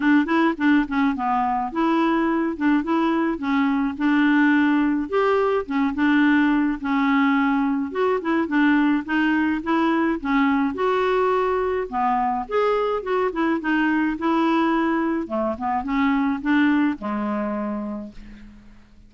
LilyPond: \new Staff \with { instrumentName = "clarinet" } { \time 4/4 \tempo 4 = 106 d'8 e'8 d'8 cis'8 b4 e'4~ | e'8 d'8 e'4 cis'4 d'4~ | d'4 g'4 cis'8 d'4. | cis'2 fis'8 e'8 d'4 |
dis'4 e'4 cis'4 fis'4~ | fis'4 b4 gis'4 fis'8 e'8 | dis'4 e'2 a8 b8 | cis'4 d'4 gis2 | }